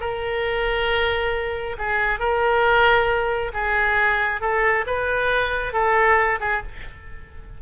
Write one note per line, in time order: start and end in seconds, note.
0.00 1.76 A#4
1.78 2.19 G#4
2.19 3.52 A#4
3.53 4.41 G#4
4.41 4.85 A4
4.86 5.73 B4
5.73 6.39 A4
6.40 6.62 G#4